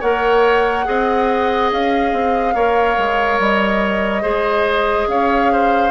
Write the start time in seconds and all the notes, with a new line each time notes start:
0.00 A#3 A#4 C#5 F#5
0.85 C4 G#4 D#5
1.72 C#4 F5
2.13 C4
2.54 A#3 A#4 C#5
2.98 G#3
3.39 G3 D#5
4.22 G#3 G#4 C5
5.07 C#4 C#5 F5
5.52 C5